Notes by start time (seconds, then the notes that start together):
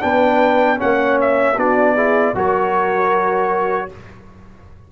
0.00 B3 D4 B4 G5
0.77 A#3 C#4 C#5 F#5
1.20 E5
1.56 B3 D4 F#4 D5
1.96 E4 G#4
2.34 F#3 F#4 A#4 C#5